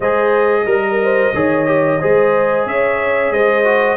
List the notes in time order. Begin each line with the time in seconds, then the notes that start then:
0.00 G#3 G#4 C5 D#5
0.65 G3 A#4
1.02 C5
1.33 D#3 G#4 C#5
1.66 G4
2.01 G#3 G#4 C5
2.66 C#4 C#5 E5
3.30 G#3 C5 D#5
3.64 F#4